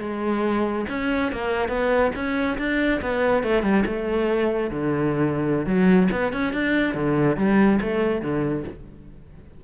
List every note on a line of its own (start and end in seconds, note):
0.00 0.85 G#3
0.90 1.32 C#4
1.32 1.69 A#3
1.69 2.11 B3
2.15 2.58 C#4
2.58 3.01 D4
3.02 3.43 B3
3.43 3.63 A3
3.63 3.84 G3
3.86 4.71 A3
4.71 5.66 D3
5.66 6.09 F#3
6.12 6.33 B3
6.33 6.53 C#4
6.53 6.95 D4
6.95 7.37 D3
7.37 7.79 G3
7.81 8.22 A3
8.22 8.64 D3